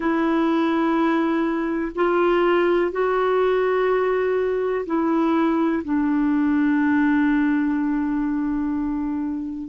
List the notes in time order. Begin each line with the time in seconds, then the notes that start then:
0.00 E4
1.95 F4
2.91 F#4
4.86 E4
5.84 D4